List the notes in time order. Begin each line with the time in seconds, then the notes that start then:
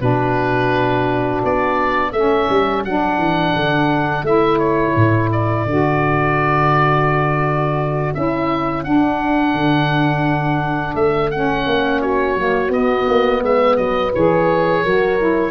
0.00 B2 D4 F#4 B4
1.44 B3 D5
2.11 A3 C#4 A4 E5
2.50 G3
2.85 F#3 D4 F#5
3.18 E3
3.55 D3
4.23 A3 E4 E5
4.59 C#5
4.96 A2
5.32 D5
5.66 D3 F#4
8.14 C#4 E4 E5
8.84 D4 F#5
9.54 D3
10.95 A3 E5
11.31 C#4 F#5
11.66 A#3
12.01 F#4 C#5
12.36 F#3 A#3
12.69 B3 D#5
13.08 A#3
13.42 G#3 B4 E5
13.77 F#3 D#5
14.15 E3 G#4 C#5
14.84 F#3 F#4 A#4
15.19 E4